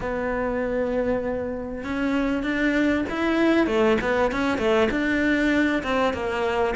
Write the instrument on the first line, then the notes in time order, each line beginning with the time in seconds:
cello
0.00 B3
1.84 C#4
2.43 D4
3.09 E4
3.67 A3
4.01 B3
4.31 C#4
4.58 A3
4.91 D4
5.83 C4
6.13 A#3